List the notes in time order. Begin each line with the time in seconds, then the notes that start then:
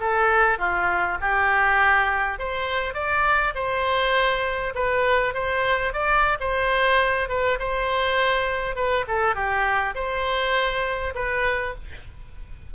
0.00 A4
0.58 F4
1.21 G4
2.39 C5
2.94 D5
3.55 C5
4.75 B4
5.34 C5
5.93 D5
6.40 C5
7.29 B4
7.59 C5
8.75 B4
9.08 A4
9.35 G4
9.95 C5
11.15 B4